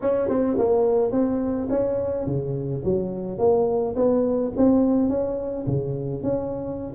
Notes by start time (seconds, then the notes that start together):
0.01 C#4
0.29 C4
0.58 A#3
1.11 C4
1.69 C#4
2.26 C#3
2.84 F#3
3.38 A#3
3.95 B3
4.56 C4
5.09 C#4
5.67 C#3
6.23 C#4